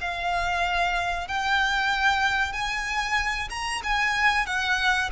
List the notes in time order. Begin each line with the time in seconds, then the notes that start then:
0.00 F5
1.27 G5
2.52 G#5
3.49 A#5
3.83 G#5
4.46 F#5